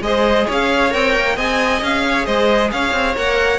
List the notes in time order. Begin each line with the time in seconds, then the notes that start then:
0.00 G#3 G#4 C5 D#5
0.46 C#4 C#5 F5
0.90 C4 A#4 G5
1.15 A#3
1.35 C4 G#4 D#5 G#5
1.81 C#4 F5
2.07 C#5
2.25 G#3 C5 D#5
2.71 C#4 C#5 F5
2.92 C4
3.16 A#3 A#4 F#5